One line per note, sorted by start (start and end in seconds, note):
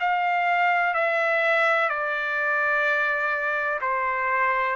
0.00 0.94 F5
0.94 1.89 E5
1.89 3.80 D5
3.81 4.76 C5